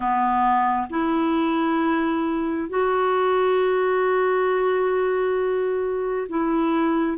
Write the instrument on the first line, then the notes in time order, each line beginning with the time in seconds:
clarinet
0.00 B3
0.90 E4
2.69 F#4
6.28 E4